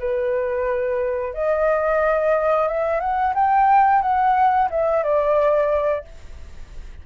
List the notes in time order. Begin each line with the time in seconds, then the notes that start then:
0.00 B4
1.34 D#5
2.68 E5
3.01 F#5
3.35 G5
4.02 F#5
4.71 E5
5.04 D5